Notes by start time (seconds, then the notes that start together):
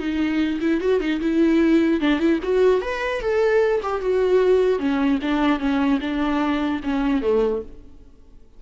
0.00 D#4
0.61 E4
0.81 F#4
1.01 D#4
1.21 E4
2.01 D4
2.20 E4
2.44 F#4
2.82 B4
3.21 A4
3.83 G4
4.02 F#4
4.80 C#4
5.22 D4
5.60 C#4
6.01 D4
6.84 C#4
7.22 A3